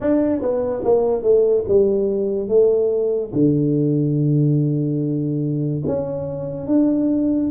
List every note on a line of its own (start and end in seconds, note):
0.00 0.41 D4
0.41 0.83 B3
0.84 1.22 A#3
1.22 1.64 A3
1.67 2.48 G3
2.48 3.31 A3
3.33 5.83 D3
5.86 6.67 C#4
6.67 7.50 D4